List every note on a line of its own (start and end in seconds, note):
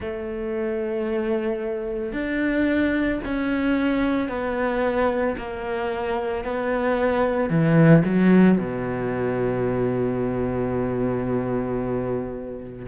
0.00 2.12 A3
2.12 3.19 D4
3.24 4.29 C#4
4.29 5.36 B3
5.37 6.44 A#3
6.44 7.50 B3
7.50 8.03 E3
8.05 8.58 F#3
8.58 12.86 B2